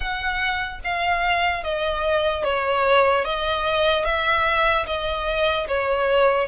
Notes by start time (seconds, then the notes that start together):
0.00 F#5
0.84 F5
1.63 D#5
2.44 C#5
3.24 D#5
4.04 E5
4.86 D#5
5.67 C#5